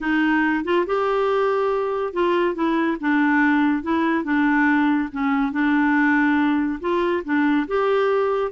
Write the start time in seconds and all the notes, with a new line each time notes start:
0.01 D#4
0.64 F4
0.86 G4
2.13 F4
2.54 E4
3.00 D4
3.82 E4
4.24 D4
5.11 C#4
5.52 D4
6.80 F4
7.24 D4
7.67 G4